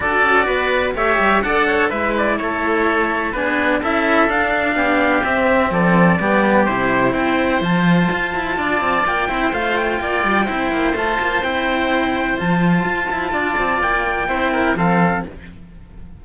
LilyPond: <<
  \new Staff \with { instrumentName = "trumpet" } { \time 4/4 \tempo 4 = 126 d''2 e''4 fis''4 | e''8 d''8 cis''2 b'4 | e''4 f''2 e''4 | d''2 c''4 g''4 |
a''2. g''4 | f''8 g''2~ g''8 a''4 | g''2 a''2~ | a''4 g''2 f''4 | }
  \new Staff \with { instrumentName = "oboe" } { \time 4/4 a'4 b'4 cis''4 d''8 cis''8 | b'4 a'2 gis'4 | a'2 g'2 | a'4 g'2 c''4~ |
c''2 d''4. c''8~ | c''4 d''4 c''2~ | c''1 | d''2 c''8 ais'8 a'4 | }
  \new Staff \with { instrumentName = "cello" } { \time 4/4 fis'2 g'4 a'4 | e'2. d'4 | e'4 d'2 c'4~ | c'4 b4 e'2 |
f'2.~ f'8 e'8 | f'2 e'4 f'4 | e'2 f'2~ | f'2 e'4 c'4 | }
  \new Staff \with { instrumentName = "cello" } { \time 4/4 d'8 cis'8 b4 a8 g8 d'4 | gis4 a2 b4 | cis'4 d'4 b4 c'4 | f4 g4 c4 c'4 |
f4 f'8 e'8 d'8 c'8 ais8 c'8 | a4 ais8 g8 c'8 ais8 a8 ais8 | c'2 f4 f'8 e'8 | d'8 c'8 ais4 c'4 f4 | }
>>